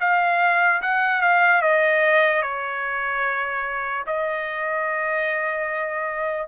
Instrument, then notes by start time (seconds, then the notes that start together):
trumpet
0.00 F5
0.82 F#5
1.21 F5
1.62 D#5
2.42 C#5
4.06 D#5